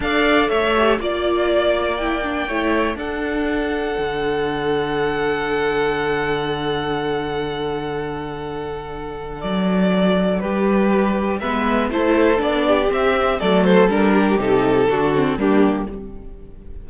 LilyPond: <<
  \new Staff \with { instrumentName = "violin" } { \time 4/4 \tempo 4 = 121 f''4 e''4 d''2 | g''2 fis''2~ | fis''1~ | fis''1~ |
fis''2. d''4~ | d''4 b'2 e''4 | c''4 d''4 e''4 d''8 c''8 | ais'4 a'2 g'4 | }
  \new Staff \with { instrumentName = "violin" } { \time 4/4 d''4 cis''4 d''2~ | d''4 cis''4 a'2~ | a'1~ | a'1~ |
a'1~ | a'4 g'2 b'4 | a'4. g'4. a'4~ | a'8 g'4. fis'4 d'4 | }
  \new Staff \with { instrumentName = "viola" } { \time 4/4 a'4. g'8 f'2 | e'8 d'8 e'4 d'2~ | d'1~ | d'1~ |
d'1~ | d'2. b4 | e'4 d'4 c'4 a4 | d'4 dis'4 d'8 c'8 ais4 | }
  \new Staff \with { instrumentName = "cello" } { \time 4/4 d'4 a4 ais2~ | ais4 a4 d'2 | d1~ | d1~ |
d2. fis4~ | fis4 g2 gis4 | a4 b4 c'4 fis4 | g4 c4 d4 g4 | }
>>